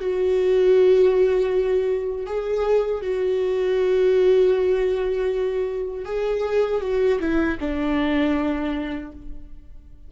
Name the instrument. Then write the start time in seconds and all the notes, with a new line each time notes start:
viola
0.00 F#4
2.26 G#4
3.02 F#4
6.06 G#4
6.81 F#4
7.20 E4
7.60 D4